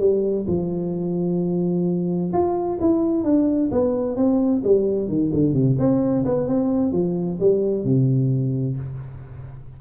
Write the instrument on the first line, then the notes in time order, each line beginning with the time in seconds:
tuba
0.00 G3
0.48 F3
2.33 F4
2.81 E4
3.24 D4
3.72 B3
4.16 C4
4.64 G3
5.09 D#3
5.33 D3
5.54 C3
5.79 C4
6.25 B3
6.48 C4
6.93 F3
7.40 G3
7.85 C3